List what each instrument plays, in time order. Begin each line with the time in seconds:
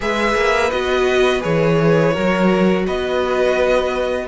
0.00 cello G#3, viola G#4, violin B4 E5
0.35 cello A#3
0.70 cello B3, viola F#4, violin D#5
1.40 cello E3, viola G#4, violin C#5
2.12 cello F#3, viola F#4, violin A#4
2.86 cello B3, violin B4 D#5